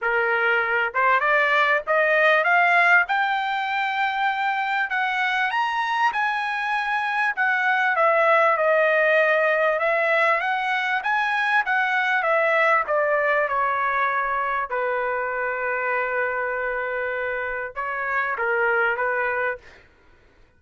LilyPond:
\new Staff \with { instrumentName = "trumpet" } { \time 4/4 \tempo 4 = 98 ais'4. c''8 d''4 dis''4 | f''4 g''2. | fis''4 ais''4 gis''2 | fis''4 e''4 dis''2 |
e''4 fis''4 gis''4 fis''4 | e''4 d''4 cis''2 | b'1~ | b'4 cis''4 ais'4 b'4 | }